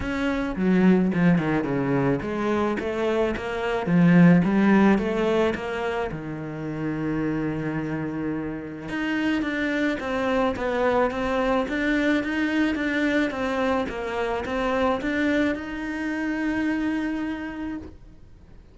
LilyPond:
\new Staff \with { instrumentName = "cello" } { \time 4/4 \tempo 4 = 108 cis'4 fis4 f8 dis8 cis4 | gis4 a4 ais4 f4 | g4 a4 ais4 dis4~ | dis1 |
dis'4 d'4 c'4 b4 | c'4 d'4 dis'4 d'4 | c'4 ais4 c'4 d'4 | dis'1 | }